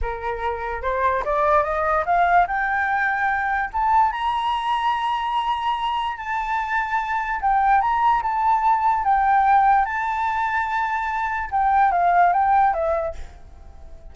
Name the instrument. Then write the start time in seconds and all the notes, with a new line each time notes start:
flute
0.01 A#4
0.81 C5
1.24 D5
1.63 D#5
2.05 F5
2.47 G5
3.72 A5
4.12 A#5
6.17 A5
7.41 G5
7.81 A#5
8.22 A5
9.03 G5
9.85 A5
11.51 G5
11.91 F5
12.32 G5
12.73 E5